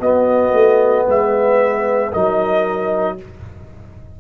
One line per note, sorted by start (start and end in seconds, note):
0.00 0.53 B3
0.00 2.12 B3
0.00 1.06 F#4
0.00 1.06 D#5
0.53 1.06 A3
1.06 2.12 G#3
1.06 2.11 B4
1.06 2.13 E5
2.11 3.20 F#3
2.11 3.18 D#4
2.11 3.16 A#4
2.11 3.18 D#5